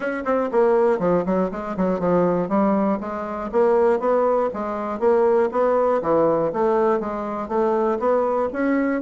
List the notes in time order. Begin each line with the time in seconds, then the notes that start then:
0.00 C#4
0.25 C4
0.51 A#3
0.99 F3
1.25 F#3
1.51 G#3
1.76 F#3
1.99 F3
2.48 G3
3.00 G#3
3.52 A#3
3.99 B3
4.53 G#3
4.99 A#3
5.51 B3
6.02 E3
6.52 A3
7.00 G#3
7.48 A3
7.99 B3
8.52 C#4